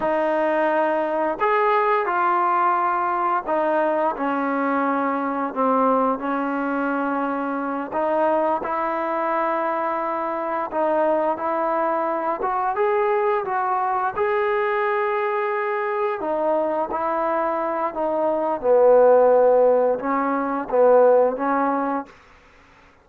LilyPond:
\new Staff \with { instrumentName = "trombone" } { \time 4/4 \tempo 4 = 87 dis'2 gis'4 f'4~ | f'4 dis'4 cis'2 | c'4 cis'2~ cis'8 dis'8~ | dis'8 e'2. dis'8~ |
dis'8 e'4. fis'8 gis'4 fis'8~ | fis'8 gis'2. dis'8~ | dis'8 e'4. dis'4 b4~ | b4 cis'4 b4 cis'4 | }